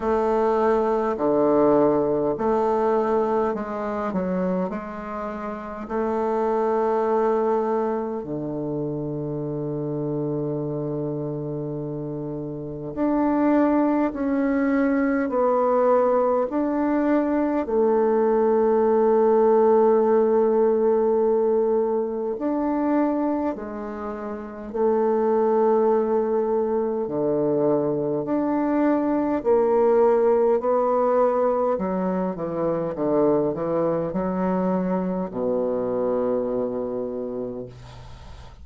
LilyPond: \new Staff \with { instrumentName = "bassoon" } { \time 4/4 \tempo 4 = 51 a4 d4 a4 gis8 fis8 | gis4 a2 d4~ | d2. d'4 | cis'4 b4 d'4 a4~ |
a2. d'4 | gis4 a2 d4 | d'4 ais4 b4 fis8 e8 | d8 e8 fis4 b,2 | }